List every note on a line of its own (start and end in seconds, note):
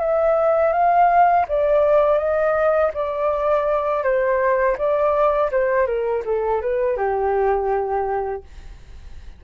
0.00 0.73 E5
0.73 1.46 F5
1.48 2.18 D5
2.18 2.91 D#5
2.94 4.03 D5
4.03 4.77 C5
4.78 5.51 D5
5.51 5.86 C5
5.86 6.23 A#4
6.25 6.61 A4
6.61 6.97 B4
6.97 8.43 G4